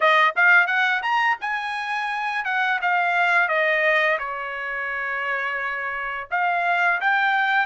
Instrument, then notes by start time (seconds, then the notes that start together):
trumpet
0.00 D#5
0.36 F5
0.67 F#5
1.02 A#5
1.40 G#5
2.45 F#5
2.81 F5
3.48 D#5
4.19 C#5
6.30 F5
7.01 G5